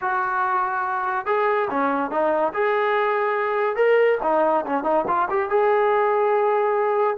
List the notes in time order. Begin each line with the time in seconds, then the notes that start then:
0.01 F#4
1.26 G#4
1.70 C#4
2.10 D#4
2.53 G#4
3.76 A#4
4.23 D#4
4.66 C#4
4.83 D#4
5.07 F4
5.30 G4
5.49 G#4